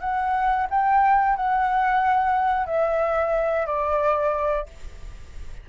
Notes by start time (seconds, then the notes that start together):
0.00 F#5
0.70 G5
1.36 F#5
2.66 E5
3.66 D5